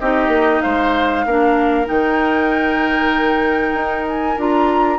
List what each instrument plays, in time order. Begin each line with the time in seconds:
0.00 bassoon C4, clarinet D#4, oboe G4, flute D#5
0.28 bassoon A#3
0.62 bassoon G#3, oboe C5, flute F5
1.25 bassoon A#3, clarinet D4, oboe A#4
1.86 bassoon D#3, clarinet D#4, flute G5
3.74 bassoon D#4
4.08 flute G#5
4.37 bassoon D4, clarinet F4, flute A#5